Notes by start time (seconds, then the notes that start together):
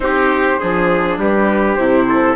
0.00 C4 D#4 G4 C5
0.59 F3 D4 G#4
1.17 G3 G4 B4
1.75 C3 E4 C5
2.08 A4